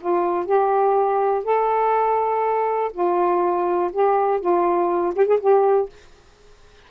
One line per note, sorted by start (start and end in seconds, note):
0.00 0.45 F4
0.45 1.44 G4
1.44 2.91 A4
2.93 3.91 F4
3.92 4.40 G4
4.40 5.14 F4
5.15 5.27 G4
5.27 5.39 G#4
5.40 5.89 G4